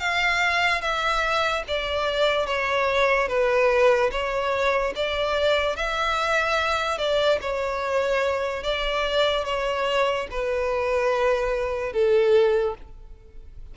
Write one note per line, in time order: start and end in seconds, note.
0.00 0.81 F5
0.81 1.63 E5
1.68 2.47 D5
2.47 3.28 C#5
3.28 4.11 B4
4.11 4.94 C#5
4.96 5.76 D5
5.76 6.98 E5
6.98 7.39 D5
7.42 8.63 C#5
8.63 9.45 D5
9.45 10.27 C#5
10.31 11.93 B4
11.93 12.75 A4